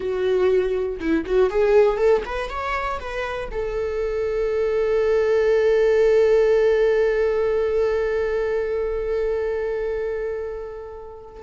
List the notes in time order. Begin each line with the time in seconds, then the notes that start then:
0.00 F#4
1.00 E4
1.25 F#4
1.50 G#4
1.97 A4
2.25 B4
2.49 C#5
2.99 B4
3.51 A4